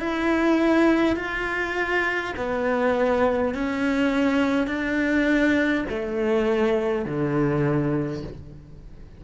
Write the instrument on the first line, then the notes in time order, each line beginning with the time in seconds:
cello
0.00 E4
1.16 F4
2.36 B3
3.54 C#4
4.67 D4
5.89 A3
7.05 D3